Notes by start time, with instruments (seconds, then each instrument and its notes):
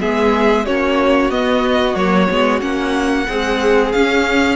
0.00 cello G#3, viola B3, violin G#4 E5
0.65 cello A#3, viola C#4, violin F#4 C#5
1.30 cello B3, viola B3, violin D#5
1.95 cello F#3, viola A#3, violin C#5
2.30 cello G#3, viola B3
2.60 cello A#3, viola C#4, violin F#5
3.27 viola G#3, cello C4, violin G#4
3.92 viola C#4, cello C#4, violin F5